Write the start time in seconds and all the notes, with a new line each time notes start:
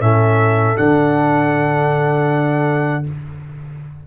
0.00 A2 C#4 A4 E5
0.76 D3 D4 F#5